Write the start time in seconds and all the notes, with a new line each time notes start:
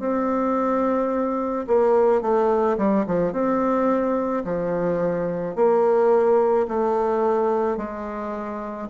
0.00 C4
1.68 A#3
2.22 A3
2.78 G3
3.07 F3
3.33 C4
4.45 F3
5.56 A#3
6.68 A3
7.78 G#3